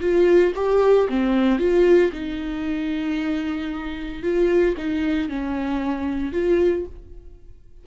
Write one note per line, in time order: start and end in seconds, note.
0.00 0.53 F4
0.55 1.08 G4
1.09 1.58 C4
1.58 2.11 F4
2.12 4.22 D#4
4.22 4.75 F4
4.77 5.29 D#4
5.29 6.32 C#4
6.32 6.85 F4